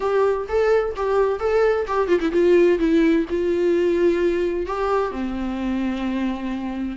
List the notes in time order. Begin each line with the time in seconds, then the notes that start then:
0.00 G4
0.48 A4
0.96 G4
1.39 A4
1.87 G4
2.08 F4
2.20 E4
2.32 F4
2.79 E4
3.29 F4
4.66 G4
5.11 C4